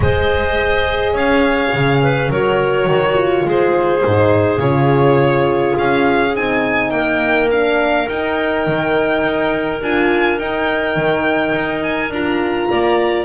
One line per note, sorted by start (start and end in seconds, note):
0.00 1.14 G#3
0.00 2.32 G#4
0.00 1.13 C5
0.00 1.16 D#5
1.13 1.71 C#4
1.13 1.99 C#5
1.13 2.32 F5
1.73 2.29 C#3
2.03 2.30 B4
2.29 2.86 F#3
2.29 3.13 F#4
2.29 2.88 A#4
2.29 3.47 C#5
2.86 3.44 D#3
2.86 3.45 F#4
3.13 3.99 F4
3.45 4.03 G#3
3.45 6.91 G#4
3.45 4.60 C5
4.05 4.58 G#2
4.05 4.57 D#4
4.57 5.73 C#3
4.57 6.30 F4
4.57 5.75 C#5
5.78 6.36 C#4
5.78 6.36 F5
6.34 6.90 C4
6.34 7.50 D#4
6.34 6.90 G#5
6.90 8.06 A#3
6.90 7.48 G5
6.96 12.69 A#4
7.51 8.09 D4
7.51 8.08 F5
8.08 9.82 D#4
8.08 8.66 D#4
8.08 9.81 G5
8.66 9.23 D#3
9.23 9.81 D#4
9.81 10.38 D4
9.81 10.39 F4
9.81 10.38 G#5
10.38 10.96 D#4
10.38 12.12 D#4
10.38 11.83 G5
10.96 11.53 D#3
11.55 12.10 D#4
11.83 12.11 G#5
12.10 12.68 D4
12.10 13.25 F4
12.10 13.25 A#5
12.69 13.25 A#3
12.69 13.25 D5